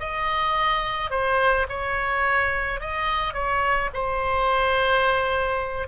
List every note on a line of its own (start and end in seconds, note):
0.00 1.11 D#5
1.11 1.67 C5
1.69 2.81 C#5
2.81 3.34 D#5
3.34 3.90 C#5
3.94 5.88 C5